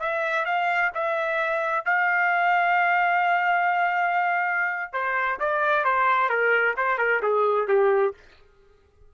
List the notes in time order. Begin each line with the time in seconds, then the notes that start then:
0.00 E5
0.45 F5
0.95 E5
1.85 F5
4.93 C5
5.40 D5
5.85 C5
6.29 A#4
6.77 C5
6.98 A#4
7.23 G#4
7.68 G4